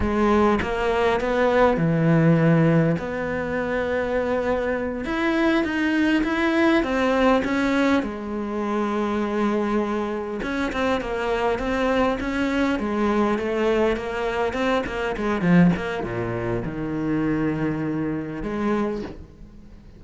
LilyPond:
\new Staff \with { instrumentName = "cello" } { \time 4/4 \tempo 4 = 101 gis4 ais4 b4 e4~ | e4 b2.~ | b8 e'4 dis'4 e'4 c'8~ | c'8 cis'4 gis2~ gis8~ |
gis4. cis'8 c'8 ais4 c'8~ | c'8 cis'4 gis4 a4 ais8~ | ais8 c'8 ais8 gis8 f8 ais8 ais,4 | dis2. gis4 | }